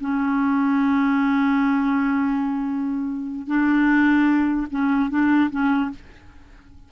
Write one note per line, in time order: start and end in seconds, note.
0.00 3.47 C#4
3.47 4.67 D4
4.70 5.10 C#4
5.10 5.50 D4
5.50 5.90 C#4